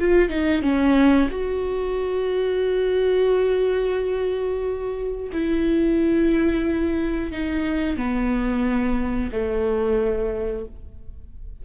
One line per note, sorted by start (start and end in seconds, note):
0.00 0.30 F4
0.30 0.63 D#4
0.63 1.29 C#4
1.31 5.31 F#4
5.33 7.32 E4
7.32 7.98 D#4
7.98 9.31 B3
9.32 10.66 A3